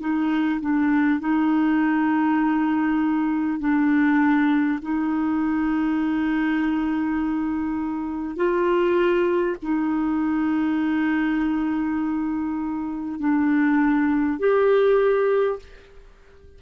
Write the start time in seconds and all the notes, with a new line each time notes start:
0.00 D#4
0.61 D4
1.20 D#4
3.59 D4
4.82 D#4
8.36 F4
9.62 D#4
13.19 D4
14.39 G4